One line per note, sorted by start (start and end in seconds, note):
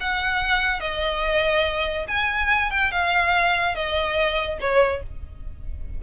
0.00 0.80 F#5
0.80 2.06 D#5
2.08 2.71 G#5
2.71 2.91 G5
2.91 3.75 F5
3.75 4.59 D#5
4.60 5.02 C#5